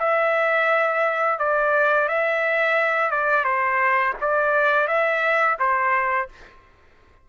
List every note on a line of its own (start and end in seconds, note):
0.00 1.39 E5
1.39 2.09 D5
2.09 3.11 E5
3.11 3.45 D5
3.45 4.14 C5
4.21 4.88 D5
4.88 5.58 E5
5.59 6.29 C5